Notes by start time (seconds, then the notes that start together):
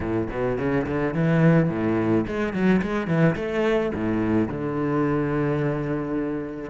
0.00 A2
0.30 B2
0.58 C#3
0.86 D3
1.14 E3
1.69 A2
2.26 G#3
2.53 F#3
2.82 G#3
3.07 E3
3.35 A3
3.94 A2
4.48 D3